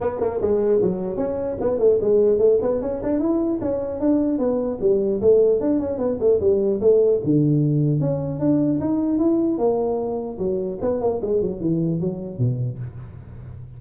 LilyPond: \new Staff \with { instrumentName = "tuba" } { \time 4/4 \tempo 4 = 150 b8 ais8 gis4 fis4 cis'4 | b8 a8 gis4 a8 b8 cis'8 d'8 | e'4 cis'4 d'4 b4 | g4 a4 d'8 cis'8 b8 a8 |
g4 a4 d2 | cis'4 d'4 dis'4 e'4 | ais2 fis4 b8 ais8 | gis8 fis8 e4 fis4 b,4 | }